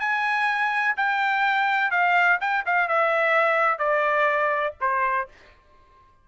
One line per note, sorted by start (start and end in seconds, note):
0.00 0.95 G#5
0.97 1.91 G5
1.91 2.39 F5
2.41 2.65 G5
2.66 2.89 F5
2.89 3.79 E5
3.79 4.74 D5
4.81 5.28 C5